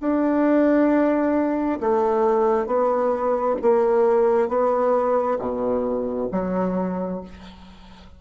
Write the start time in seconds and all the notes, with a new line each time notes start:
0.00 D4
1.80 A3
2.66 B3
3.61 A#3
4.48 B3
5.39 B2
6.31 F#3